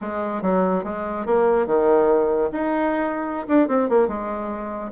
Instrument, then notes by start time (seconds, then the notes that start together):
bassoon
0.01 G#3
0.42 F#3
0.84 G#3
1.26 A#3
1.66 D#3
2.52 D#4
3.47 D4
3.68 C4
3.89 A#3
4.07 G#3